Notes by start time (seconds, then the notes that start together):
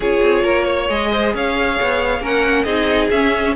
0.00 C#4 F4 G#4 C#5
0.21 C4
0.43 A#3 A#4
0.64 C#5
0.88 G#3 G#4 D#5
1.11 C5
1.34 C#4 C#5 F5
1.81 B3
2.20 A#3 C#4 A#4 F#5
2.63 C4 D#4 G#4 D#5
3.10 C#4 E5